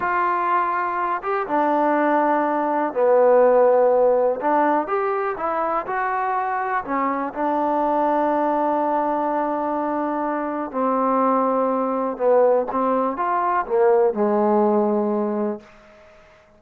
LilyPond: \new Staff \with { instrumentName = "trombone" } { \time 4/4 \tempo 4 = 123 f'2~ f'8 g'8 d'4~ | d'2 b2~ | b4 d'4 g'4 e'4 | fis'2 cis'4 d'4~ |
d'1~ | d'2 c'2~ | c'4 b4 c'4 f'4 | ais4 gis2. | }